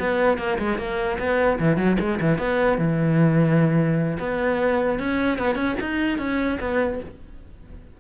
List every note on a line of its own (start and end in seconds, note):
0.00 0.39 B3
0.39 0.59 A#3
0.59 0.78 G#3
0.78 1.18 A#3
1.19 1.59 B3
1.60 1.77 E3
1.77 1.97 F#3
2.00 2.20 G#3
2.21 2.39 E3
2.39 2.79 B3
2.79 4.19 E3
4.20 5.00 B3
5.00 5.39 C#4
5.39 5.56 B3
5.56 5.76 C#4
5.81 6.19 D#4
6.19 6.59 C#4
6.61 7.01 B3